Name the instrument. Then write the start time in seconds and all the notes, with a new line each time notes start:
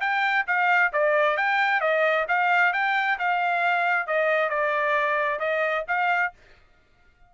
trumpet
0.00 G5
0.47 F5
0.92 D5
1.37 G5
1.80 D#5
2.28 F5
2.73 G5
3.18 F5
4.06 D#5
4.49 D5
5.39 D#5
5.87 F5